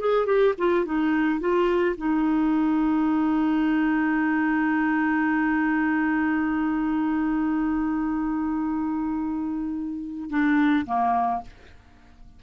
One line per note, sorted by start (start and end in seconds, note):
0.00 0.26 G#4
0.26 0.54 G4
0.58 0.85 F4
0.85 1.40 D#4
1.40 1.96 F4
1.97 10.30 D#4
10.30 10.86 D4
10.86 11.42 A#3